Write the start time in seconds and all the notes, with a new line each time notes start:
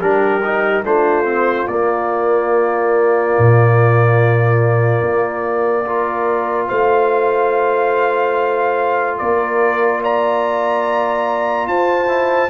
0.00 G3 D4 G4 A#4
0.44 D#4
0.84 A3 D4 F4 C5
1.25 C4
1.68 A#3 D5
3.38 A#2
5.02 A#3
5.85 F4 A#4
6.68 A3 C5 F5
9.18 A#3 A#4 D5
10.02 D5 A#5
11.67 F4 C5 A5
12.07 E4